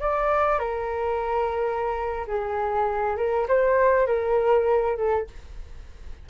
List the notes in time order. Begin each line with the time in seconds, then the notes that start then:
0.00 D5
0.59 A#4
2.27 G#4
3.17 A#4
3.48 C5
4.06 A#4
4.97 A4